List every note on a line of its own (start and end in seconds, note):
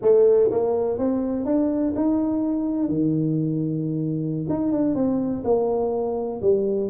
0.02 0.50 A3
0.50 0.97 A#3
0.97 1.45 C4
1.45 1.93 D4
1.95 2.88 D#4
2.88 4.46 D#3
4.49 4.72 D#4
4.72 4.94 D4
4.94 5.43 C4
5.44 6.40 A#3
6.41 6.89 G3